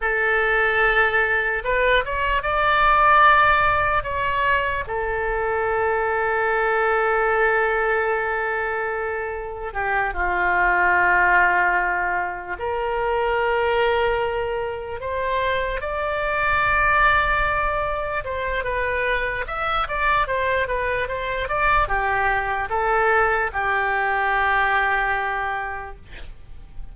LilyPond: \new Staff \with { instrumentName = "oboe" } { \time 4/4 \tempo 4 = 74 a'2 b'8 cis''8 d''4~ | d''4 cis''4 a'2~ | a'1 | g'8 f'2. ais'8~ |
ais'2~ ais'8 c''4 d''8~ | d''2~ d''8 c''8 b'4 | e''8 d''8 c''8 b'8 c''8 d''8 g'4 | a'4 g'2. | }